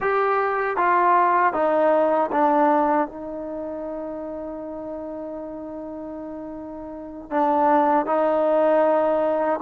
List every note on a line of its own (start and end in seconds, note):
0.00 0.77 G4
0.77 1.53 F4
1.53 2.30 D#4
2.31 3.07 D4
3.07 7.30 D#4
7.30 8.06 D4
8.06 9.59 D#4